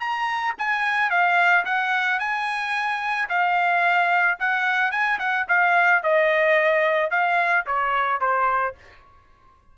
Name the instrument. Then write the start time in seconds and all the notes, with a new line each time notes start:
trumpet
0.00 A#5
0.59 G#5
1.10 F5
1.65 F#5
2.20 G#5
3.30 F5
4.40 F#5
4.92 G#5
5.19 F#5
5.49 F5
6.03 D#5
7.11 F5
7.66 C#5
8.21 C5